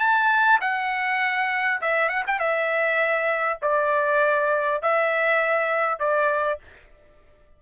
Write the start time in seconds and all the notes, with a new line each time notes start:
0.00 A5
0.61 F#5
1.81 E5
2.09 F#5
2.27 G5
2.39 E5
3.62 D5
4.82 E5
5.99 D5